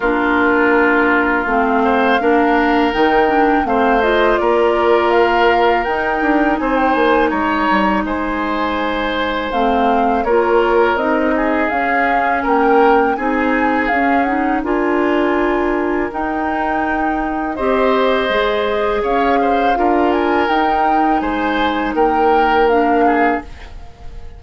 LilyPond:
<<
  \new Staff \with { instrumentName = "flute" } { \time 4/4 \tempo 4 = 82 ais'2 f''2 | g''4 f''8 dis''8 d''4 f''4 | g''4 gis''16 g''16 gis''8 ais''4 gis''4~ | gis''4 f''4 cis''4 dis''4 |
f''4 g''4 gis''4 f''8 fis''8 | gis''2 g''2 | dis''2 f''4. gis''8 | g''4 gis''4 g''4 f''4 | }
  \new Staff \with { instrumentName = "oboe" } { \time 4/4 f'2~ f'8 c''8 ais'4~ | ais'4 c''4 ais'2~ | ais'4 c''4 cis''4 c''4~ | c''2 ais'4. gis'8~ |
gis'4 ais'4 gis'2 | ais'1 | c''2 cis''8 c''8 ais'4~ | ais'4 c''4 ais'4. gis'8 | }
  \new Staff \with { instrumentName = "clarinet" } { \time 4/4 d'2 c'4 d'4 | dis'8 d'8 c'8 f'2~ f'8 | dis'1~ | dis'4 c'4 f'4 dis'4 |
cis'2 dis'4 cis'8 dis'8 | f'2 dis'2 | g'4 gis'2 f'4 | dis'2. d'4 | }
  \new Staff \with { instrumentName = "bassoon" } { \time 4/4 ais2 a4 ais4 | dis4 a4 ais2 | dis'8 d'8 c'8 ais8 gis8 g8 gis4~ | gis4 a4 ais4 c'4 |
cis'4 ais4 c'4 cis'4 | d'2 dis'2 | c'4 gis4 cis'4 d'4 | dis'4 gis4 ais2 | }
>>